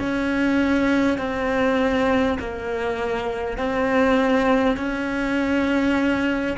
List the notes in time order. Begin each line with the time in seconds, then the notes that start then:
0.00 C#4
1.18 C4
2.39 A#3
3.58 C4
4.77 C#4